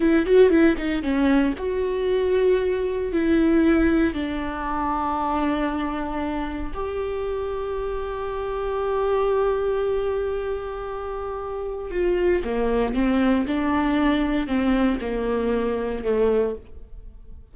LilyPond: \new Staff \with { instrumentName = "viola" } { \time 4/4 \tempo 4 = 116 e'8 fis'8 e'8 dis'8 cis'4 fis'4~ | fis'2 e'2 | d'1~ | d'4 g'2.~ |
g'1~ | g'2. f'4 | ais4 c'4 d'2 | c'4 ais2 a4 | }